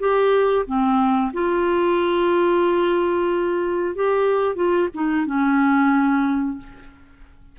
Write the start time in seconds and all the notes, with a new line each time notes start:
0.00 G4
0.67 C4
1.33 F4
3.95 G4
4.56 F4
4.95 D#4
5.26 C#4